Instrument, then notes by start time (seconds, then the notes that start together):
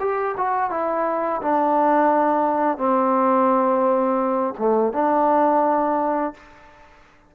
trombone
0.00 G4
0.37 F#4
0.71 E4
1.42 D4
2.78 C4
4.59 A3
4.93 D4